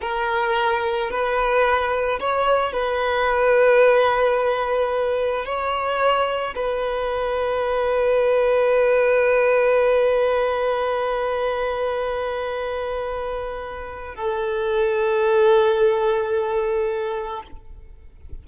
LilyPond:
\new Staff \with { instrumentName = "violin" } { \time 4/4 \tempo 4 = 110 ais'2 b'2 | cis''4 b'2.~ | b'2 cis''2 | b'1~ |
b'1~ | b'1~ | b'2 a'2~ | a'1 | }